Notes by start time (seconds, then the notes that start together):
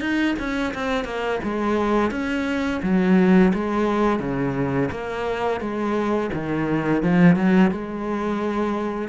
0.00 D#4
0.39 C#4
0.74 C4
1.05 A#3
1.43 G#3
2.11 C#4
2.83 F#3
3.54 G#3
4.20 C#3
4.92 A#3
5.61 G#3
6.33 D#3
7.03 F3
7.36 F#3
7.71 G#3